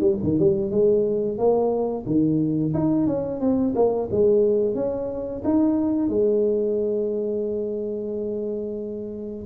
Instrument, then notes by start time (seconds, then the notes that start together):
tuba
0.00 G3
0.23 D#3
0.39 G3
0.70 G#3
1.38 A#3
2.06 D#3
2.74 D#4
3.06 C#4
3.40 C4
3.75 A#3
4.11 G#3
4.74 C#4
5.44 D#4
6.08 G#3